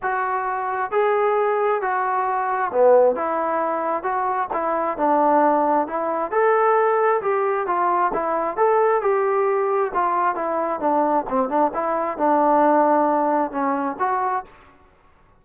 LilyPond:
\new Staff \with { instrumentName = "trombone" } { \time 4/4 \tempo 4 = 133 fis'2 gis'2 | fis'2 b4 e'4~ | e'4 fis'4 e'4 d'4~ | d'4 e'4 a'2 |
g'4 f'4 e'4 a'4 | g'2 f'4 e'4 | d'4 c'8 d'8 e'4 d'4~ | d'2 cis'4 fis'4 | }